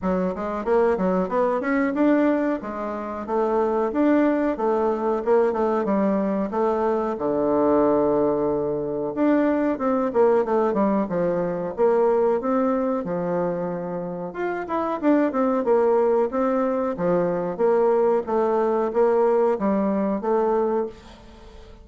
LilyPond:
\new Staff \with { instrumentName = "bassoon" } { \time 4/4 \tempo 4 = 92 fis8 gis8 ais8 fis8 b8 cis'8 d'4 | gis4 a4 d'4 a4 | ais8 a8 g4 a4 d4~ | d2 d'4 c'8 ais8 |
a8 g8 f4 ais4 c'4 | f2 f'8 e'8 d'8 c'8 | ais4 c'4 f4 ais4 | a4 ais4 g4 a4 | }